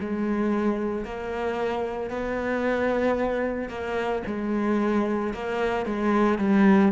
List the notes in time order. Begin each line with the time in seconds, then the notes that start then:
0.00 G#3
1.04 A#3
2.10 B3
3.69 A#3
4.26 G#3
5.33 A#3
5.85 G#3
6.38 G3